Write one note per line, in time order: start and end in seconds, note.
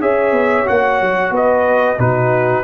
0.00 0.32 C#4
0.00 0.65 G#4
0.00 1.33 C#5
0.00 0.67 E5
0.32 0.65 B3
0.65 1.01 A#3
0.65 1.97 F#4
0.65 1.33 F#5
1.01 1.30 F#3
1.30 1.96 B3
1.30 1.98 B4
1.30 1.99 D#5
1.98 2.63 B2
1.98 2.63 D#4
1.98 2.63 F#4
1.98 2.63 B4